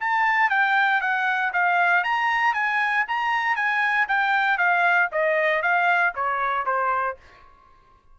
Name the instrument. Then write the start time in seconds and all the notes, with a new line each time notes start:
trumpet
0.00 A5
0.50 G5
1.01 F#5
1.53 F5
2.03 A#5
2.54 G#5
3.08 A#5
3.56 G#5
4.08 G5
4.58 F5
5.12 D#5
5.62 F5
6.15 C#5
6.65 C5